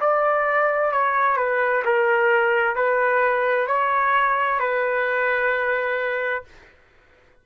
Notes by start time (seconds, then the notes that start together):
0.00 D5
0.92 C#5
1.37 B4
1.85 A#4
2.76 B4
3.67 C#5
4.59 B4